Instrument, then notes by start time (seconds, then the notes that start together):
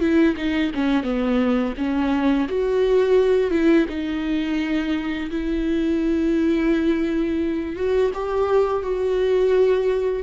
viola
0.00 E4
0.37 D#4
0.75 C#4
1.03 B3
1.78 C#4
2.49 F#4
3.51 E4
3.89 D#4
5.31 E4
7.76 F#4
8.14 G4
8.83 F#4